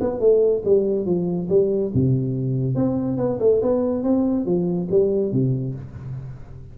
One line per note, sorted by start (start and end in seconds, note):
0.00 0.20 B3
0.20 0.62 A3
0.65 1.05 G3
1.05 1.48 F3
1.49 1.91 G3
1.94 2.75 C3
2.75 3.17 C4
3.17 3.38 B3
3.40 3.61 A3
3.62 4.03 B3
4.03 4.45 C4
4.45 4.88 F3
4.91 5.32 G3
5.32 5.74 C3